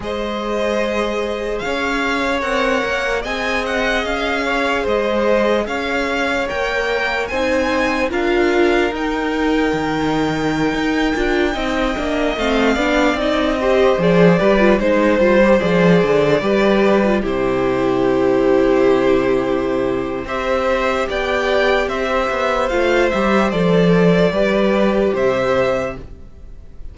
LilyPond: <<
  \new Staff \with { instrumentName = "violin" } { \time 4/4 \tempo 4 = 74 dis''2 f''4 fis''4 | gis''8 fis''8 f''4 dis''4 f''4 | g''4 gis''4 f''4 g''4~ | g''2.~ g''16 f''8.~ |
f''16 dis''4 d''4 c''4 d''8.~ | d''4~ d''16 c''2~ c''8.~ | c''4 e''4 g''4 e''4 | f''8 e''8 d''2 e''4 | }
  \new Staff \with { instrumentName = "violin" } { \time 4/4 c''2 cis''2 | dis''4. cis''8 c''4 cis''4~ | cis''4 c''4 ais'2~ | ais'2~ ais'16 dis''4. d''16~ |
d''8. c''4 b'8 c''4.~ c''16~ | c''16 b'4 g'2~ g'8.~ | g'4 c''4 d''4 c''4~ | c''2 b'4 c''4 | }
  \new Staff \with { instrumentName = "viola" } { \time 4/4 gis'2. ais'4 | gis'1 | ais'4 dis'4 f'4 dis'4~ | dis'4.~ dis'16 f'8 dis'8 d'8 c'8 d'16~ |
d'16 dis'8 g'8 gis'8 g'16 f'16 dis'8 f'16 g'16 gis'8.~ | gis'16 g'8. f'16 e'2~ e'8.~ | e'4 g'2. | f'8 g'8 a'4 g'2 | }
  \new Staff \with { instrumentName = "cello" } { \time 4/4 gis2 cis'4 c'8 ais8 | c'4 cis'4 gis4 cis'4 | ais4 c'4 d'4 dis'4 | dis4~ dis16 dis'8 d'8 c'8 ais8 a8 b16~ |
b16 c'4 f8 g8 gis8 g8 f8 d16~ | d16 g4 c2~ c8.~ | c4 c'4 b4 c'8 b8 | a8 g8 f4 g4 c4 | }
>>